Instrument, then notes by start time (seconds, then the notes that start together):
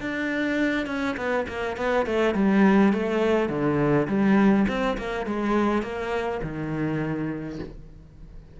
cello
0.00 D4
0.86 C#4
1.17 B3
1.48 A#3
1.77 B3
2.05 A3
2.34 G3
2.93 A3
3.49 D3
4.07 G3
4.68 C4
4.97 A#3
5.26 G#3
5.82 A#3
6.42 D#3